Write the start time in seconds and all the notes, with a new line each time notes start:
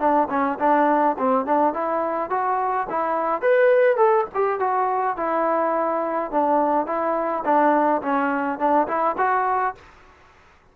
0.00 D4
0.30 C#4
0.60 D4
1.19 C4
1.46 D4
1.74 E4
2.30 F#4
2.90 E4
3.42 B4
3.97 A4
4.35 G4
4.60 F#4
5.17 E4
6.32 D4
6.87 E4
7.45 D4
8.02 C#4
8.59 D4
8.88 E4
9.18 F#4